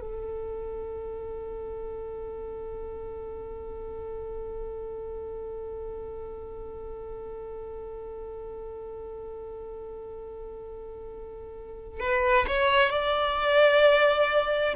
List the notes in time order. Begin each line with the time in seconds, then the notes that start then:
0.00 A4
11.99 B4
12.47 C#5
12.89 D5